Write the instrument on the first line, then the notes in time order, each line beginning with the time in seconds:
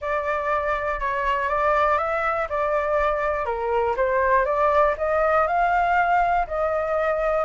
flute
0.01 D5
1.00 C#5
1.48 D5
1.97 E5
2.49 D5
3.45 A#4
3.96 C5
4.45 D5
4.97 D#5
5.47 F5
6.47 D#5